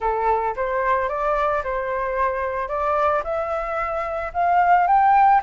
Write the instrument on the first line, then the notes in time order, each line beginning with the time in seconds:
flute
0.00 A4
0.56 C5
1.08 D5
1.63 C5
2.68 D5
3.23 E5
4.33 F5
4.87 G5